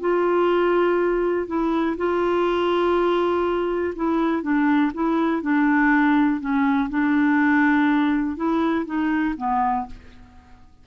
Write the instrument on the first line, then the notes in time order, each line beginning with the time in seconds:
clarinet
0.00 F4
1.47 E4
1.97 F4
3.96 E4
4.42 D4
4.94 E4
5.42 D4
6.40 C#4
6.90 D4
8.36 E4
8.86 D#4
9.37 B3